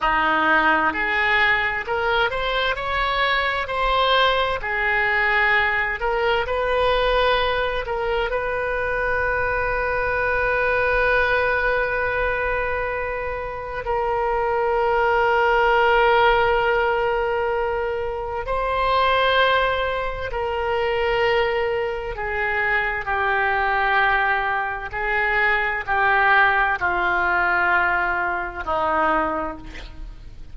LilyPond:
\new Staff \with { instrumentName = "oboe" } { \time 4/4 \tempo 4 = 65 dis'4 gis'4 ais'8 c''8 cis''4 | c''4 gis'4. ais'8 b'4~ | b'8 ais'8 b'2.~ | b'2. ais'4~ |
ais'1 | c''2 ais'2 | gis'4 g'2 gis'4 | g'4 f'2 dis'4 | }